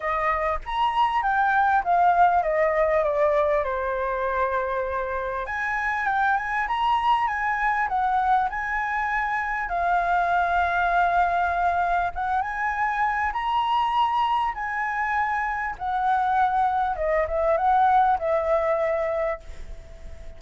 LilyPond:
\new Staff \with { instrumentName = "flute" } { \time 4/4 \tempo 4 = 99 dis''4 ais''4 g''4 f''4 | dis''4 d''4 c''2~ | c''4 gis''4 g''8 gis''8 ais''4 | gis''4 fis''4 gis''2 |
f''1 | fis''8 gis''4. ais''2 | gis''2 fis''2 | dis''8 e''8 fis''4 e''2 | }